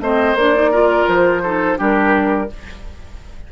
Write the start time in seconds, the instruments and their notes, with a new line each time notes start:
0.00 bassoon A3, clarinet C4, oboe C5, flute D#5
0.35 bassoon A#3, clarinet D4, flute D5
0.54 clarinet D#4
0.71 clarinet F4, oboe A#4
1.08 bassoon F3, flute C5
1.43 clarinet D#4, oboe A4
1.76 bassoon G3, clarinet D4, oboe G4, flute A#4